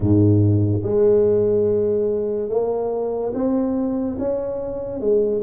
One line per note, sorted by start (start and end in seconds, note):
0.00 0.82 G#2
0.83 2.48 G#3
2.48 3.32 A#3
3.33 4.17 C4
4.18 5.00 C#4
5.00 5.42 G#3